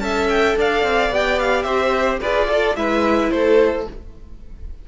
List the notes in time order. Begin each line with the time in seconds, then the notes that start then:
0.00 C#4 A4 E5 A5
0.29 G5
0.56 D4 D5 F5
0.83 C4
1.10 B3 G4 G5
1.39 F5
1.63 C4 C5 E5
2.20 F4 G#4 B4 D5
2.49 A4
2.76 G#3 E4 B4 E5
3.31 A3 A4 C5